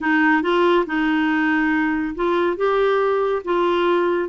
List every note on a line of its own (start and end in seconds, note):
0.00 0.42 D#4
0.42 0.85 F4
0.86 2.14 D#4
2.15 2.56 F4
2.56 3.42 G4
3.44 4.29 F4